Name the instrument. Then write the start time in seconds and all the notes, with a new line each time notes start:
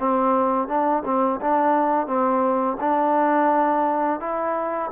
trombone
0.00 C4
0.68 D4
1.05 C4
1.41 D4
2.07 C4
2.81 D4
4.20 E4